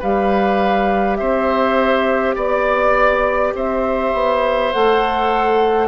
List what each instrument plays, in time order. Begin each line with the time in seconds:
0.00 bassoon G3, clarinet G4, oboe B4, flute F5
1.17 bassoon C4, oboe C5, flute E5
2.36 bassoon B3, oboe D5, flute D5
3.55 bassoon C4, oboe C5, flute E5
4.14 bassoon B3
4.73 bassoon A3, clarinet A4, flute F#5